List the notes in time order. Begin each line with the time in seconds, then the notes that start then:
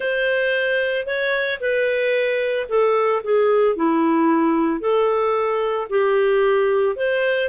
0.00 C5
1.06 C#5
1.60 B4
2.68 A4
3.23 G#4
3.76 E4
4.80 A4
5.89 G4
6.96 C5